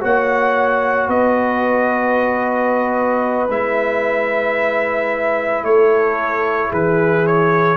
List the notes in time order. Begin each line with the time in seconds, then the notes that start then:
0.00 A#3 F#4 C#5 F#5
1.07 B3 B4 D#5
3.48 G#3 E4 E5
5.62 A3 A4 C#5
6.69 E3 G#4 B4
7.27 C#5